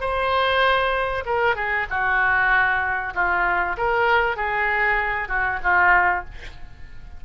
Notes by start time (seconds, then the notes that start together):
0.00 C5
1.25 A#4
1.55 G#4
1.90 F#4
3.14 F4
3.77 A#4
4.36 G#4
5.28 F#4
5.63 F4